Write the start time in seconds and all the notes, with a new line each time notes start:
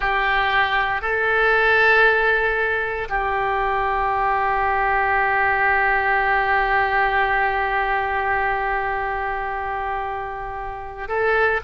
0.00 G4
1.01 A4
3.09 G4
11.08 A4